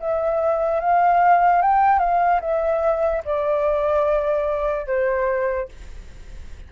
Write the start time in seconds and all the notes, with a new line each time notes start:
0.00 E5
0.81 F5
1.62 G5
2.00 F5
2.41 E5
3.25 D5
4.87 C5